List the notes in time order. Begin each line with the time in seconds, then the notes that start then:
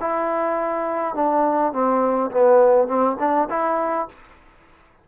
0.00 E4
1.15 D4
1.72 C4
2.31 B3
2.88 C4
3.19 D4
3.50 E4